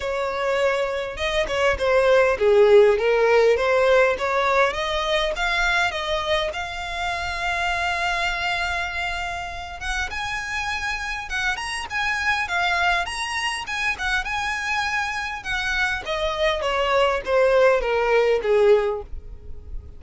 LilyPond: \new Staff \with { instrumentName = "violin" } { \time 4/4 \tempo 4 = 101 cis''2 dis''8 cis''8 c''4 | gis'4 ais'4 c''4 cis''4 | dis''4 f''4 dis''4 f''4~ | f''1~ |
f''8 fis''8 gis''2 fis''8 ais''8 | gis''4 f''4 ais''4 gis''8 fis''8 | gis''2 fis''4 dis''4 | cis''4 c''4 ais'4 gis'4 | }